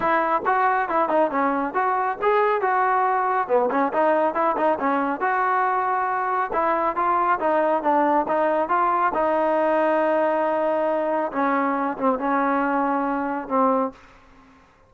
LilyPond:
\new Staff \with { instrumentName = "trombone" } { \time 4/4 \tempo 4 = 138 e'4 fis'4 e'8 dis'8 cis'4 | fis'4 gis'4 fis'2 | b8 cis'8 dis'4 e'8 dis'8 cis'4 | fis'2. e'4 |
f'4 dis'4 d'4 dis'4 | f'4 dis'2.~ | dis'2 cis'4. c'8 | cis'2. c'4 | }